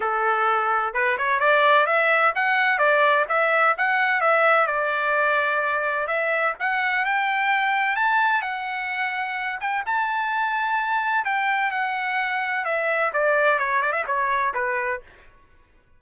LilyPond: \new Staff \with { instrumentName = "trumpet" } { \time 4/4 \tempo 4 = 128 a'2 b'8 cis''8 d''4 | e''4 fis''4 d''4 e''4 | fis''4 e''4 d''2~ | d''4 e''4 fis''4 g''4~ |
g''4 a''4 fis''2~ | fis''8 g''8 a''2. | g''4 fis''2 e''4 | d''4 cis''8 d''16 e''16 cis''4 b'4 | }